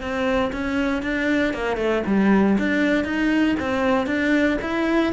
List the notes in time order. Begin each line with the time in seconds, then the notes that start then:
0.00 C4
0.52 C#4
1.02 D4
1.53 A#3
1.76 A3
2.06 G3
2.58 D4
3.04 D#4
3.59 C4
4.06 D4
4.61 E4